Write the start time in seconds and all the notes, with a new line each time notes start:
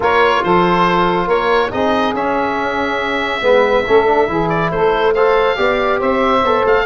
0.00 A#3 F4 A#4 C#5
0.43 F3 A4 C5
1.26 A#3 A#4 C#5
1.71 C4 D#4 G#4 D#5
2.13 C#4 E5
3.41 G#3 B3 B4
3.86 A3 C#4 A4
4.06 D4
4.27 E3 E4 G#4
4.49 D5
4.71 A3 A4 C5
5.13 A4 C5 F5
5.55 B3 G4 D5
5.98 C4 C5 E5
6.43 B3 A4
6.65 A3 F5